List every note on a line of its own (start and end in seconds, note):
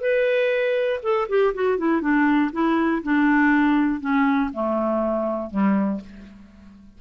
0.00 1.00 B4
1.02 1.27 A4
1.29 1.54 G4
1.54 1.77 F#4
1.77 2.01 E4
2.01 2.51 D4
2.52 3.02 E4
3.03 4.00 D4
4.00 4.50 C#4
4.53 5.50 A3
5.50 6.00 G3